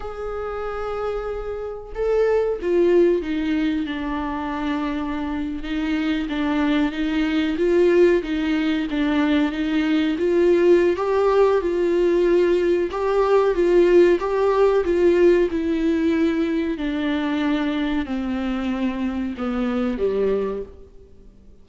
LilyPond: \new Staff \with { instrumentName = "viola" } { \time 4/4 \tempo 4 = 93 gis'2. a'4 | f'4 dis'4 d'2~ | d'8. dis'4 d'4 dis'4 f'16~ | f'8. dis'4 d'4 dis'4 f'16~ |
f'4 g'4 f'2 | g'4 f'4 g'4 f'4 | e'2 d'2 | c'2 b4 g4 | }